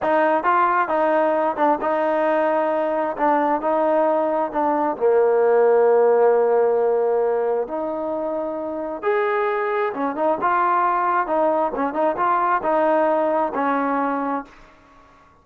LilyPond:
\new Staff \with { instrumentName = "trombone" } { \time 4/4 \tempo 4 = 133 dis'4 f'4 dis'4. d'8 | dis'2. d'4 | dis'2 d'4 ais4~ | ais1~ |
ais4 dis'2. | gis'2 cis'8 dis'8 f'4~ | f'4 dis'4 cis'8 dis'8 f'4 | dis'2 cis'2 | }